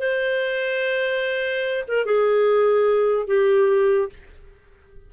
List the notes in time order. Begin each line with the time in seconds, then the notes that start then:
0.00 C5
1.88 A#4
2.06 G#4
3.27 G4